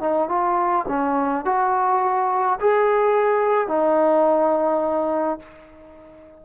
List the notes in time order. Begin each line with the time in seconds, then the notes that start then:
0.00 D#4
0.28 F4
0.88 C#4
1.45 F#4
2.60 G#4
3.68 D#4